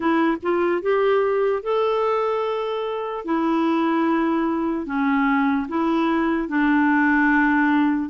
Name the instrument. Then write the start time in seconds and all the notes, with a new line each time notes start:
clarinet
0.00 E4
0.42 F4
0.82 G4
1.63 A4
3.24 E4
4.86 C#4
5.68 E4
6.48 D4